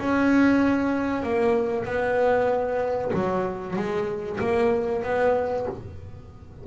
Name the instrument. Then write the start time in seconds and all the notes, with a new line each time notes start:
double bass
0.00 C#4
1.24 A#3
1.85 B3
3.14 F#3
3.77 G#3
4.41 A#3
5.04 B3